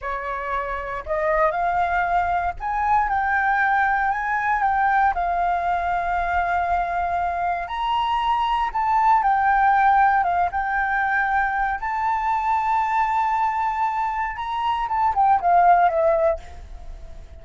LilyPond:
\new Staff \with { instrumentName = "flute" } { \time 4/4 \tempo 4 = 117 cis''2 dis''4 f''4~ | f''4 gis''4 g''2 | gis''4 g''4 f''2~ | f''2. ais''4~ |
ais''4 a''4 g''2 | f''8 g''2~ g''8 a''4~ | a''1 | ais''4 a''8 g''8 f''4 e''4 | }